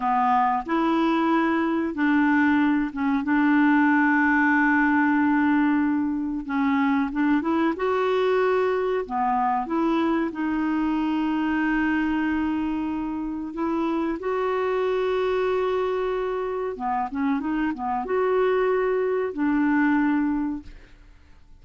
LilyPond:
\new Staff \with { instrumentName = "clarinet" } { \time 4/4 \tempo 4 = 93 b4 e'2 d'4~ | d'8 cis'8 d'2.~ | d'2 cis'4 d'8 e'8 | fis'2 b4 e'4 |
dis'1~ | dis'4 e'4 fis'2~ | fis'2 b8 cis'8 dis'8 b8 | fis'2 d'2 | }